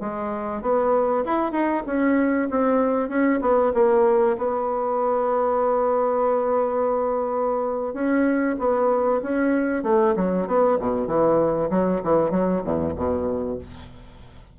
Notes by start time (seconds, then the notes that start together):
0.00 G#3
0.62 B3
1.25 E4
1.52 D#4
1.86 C#4
2.51 C4
3.09 C#4
3.41 B3
3.74 A#3
4.38 B3
7.94 C#4
8.59 B3
9.22 C#4
9.84 A3
10.16 F#3
10.47 B3
10.79 B2
11.07 E3
11.70 F#3
12.04 E3
12.31 F#3
12.64 E2
12.96 B2